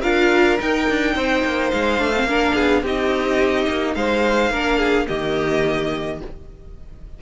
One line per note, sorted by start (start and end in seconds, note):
0.00 0.59 D4
0.00 0.58 F4
0.00 1.12 A#4
0.00 0.57 F5
0.58 1.98 D#4
0.58 0.89 D#4
0.58 1.70 G5
0.89 1.15 D4
1.15 1.43 C4
1.15 2.27 C5
1.44 1.72 A#3
1.70 2.01 G#3
1.70 2.82 F5
1.98 2.23 A3
1.98 2.12 D4
2.16 2.28 C4
2.23 2.51 A#3
2.23 2.84 D4
2.23 2.54 A#4
2.54 2.82 B3
2.54 2.82 G#4
2.82 3.66 C4
2.82 4.53 D#4
2.82 3.94 G4
2.82 3.94 D#5
3.67 3.95 A#3
3.94 4.50 G#3
3.94 4.51 C5
3.94 5.07 F5
4.50 5.06 A#3
4.50 5.06 D4
4.50 4.78 A#4
4.78 5.06 G#4
5.06 6.21 D#3
5.06 6.19 A#3
5.06 6.19 G4
5.06 6.20 D#5